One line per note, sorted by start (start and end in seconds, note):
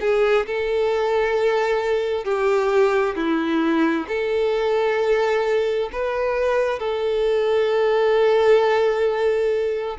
0.00 0.45 G#4
0.46 2.24 A4
2.24 3.15 G4
3.15 4.06 E4
4.07 5.89 A4
5.92 6.79 B4
6.79 9.97 A4